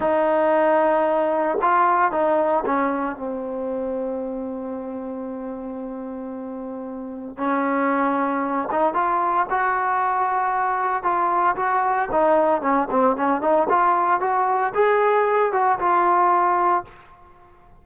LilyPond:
\new Staff \with { instrumentName = "trombone" } { \time 4/4 \tempo 4 = 114 dis'2. f'4 | dis'4 cis'4 c'2~ | c'1~ | c'2 cis'2~ |
cis'8 dis'8 f'4 fis'2~ | fis'4 f'4 fis'4 dis'4 | cis'8 c'8 cis'8 dis'8 f'4 fis'4 | gis'4. fis'8 f'2 | }